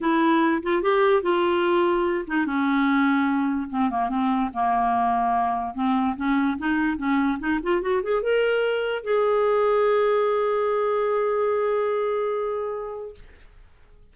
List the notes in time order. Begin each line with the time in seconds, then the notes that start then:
0.01 E4
0.63 F4
0.82 G4
1.22 F4
2.27 D#4
2.45 C#4
3.69 C4
3.90 A#3
4.09 C4
4.53 A#3
5.74 C4
6.16 C#4
6.58 D#4
6.97 C#4
7.39 D#4
7.63 F4
7.81 F#4
8.02 G#4
8.22 A#4
9.03 G#4